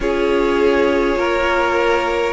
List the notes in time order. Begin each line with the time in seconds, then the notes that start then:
0.00 C#4 F4 G#4 C#5
1.16 A#3 A#4